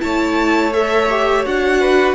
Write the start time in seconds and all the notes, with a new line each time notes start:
0.00 A3 E4 C#5 A5
0.73 A4 E5
1.11 G4
1.46 D4 F#4 F#5
1.81 B4